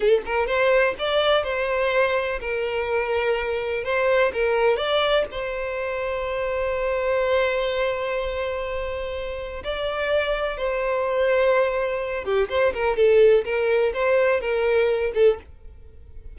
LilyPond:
\new Staff \with { instrumentName = "violin" } { \time 4/4 \tempo 4 = 125 a'8 ais'8 c''4 d''4 c''4~ | c''4 ais'2. | c''4 ais'4 d''4 c''4~ | c''1~ |
c''1 | d''2 c''2~ | c''4. g'8 c''8 ais'8 a'4 | ais'4 c''4 ais'4. a'8 | }